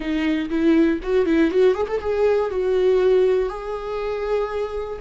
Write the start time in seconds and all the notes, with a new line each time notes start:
0.00 D#4
0.49 E4
1.02 F#4
1.25 E4
1.50 F#4
1.74 G#4
1.88 A4
2.00 G#4
2.50 F#4
3.49 G#4